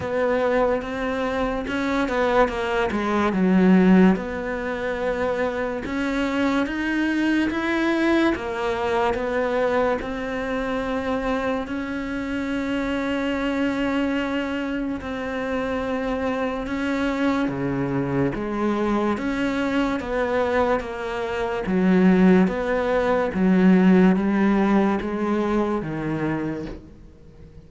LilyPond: \new Staff \with { instrumentName = "cello" } { \time 4/4 \tempo 4 = 72 b4 c'4 cis'8 b8 ais8 gis8 | fis4 b2 cis'4 | dis'4 e'4 ais4 b4 | c'2 cis'2~ |
cis'2 c'2 | cis'4 cis4 gis4 cis'4 | b4 ais4 fis4 b4 | fis4 g4 gis4 dis4 | }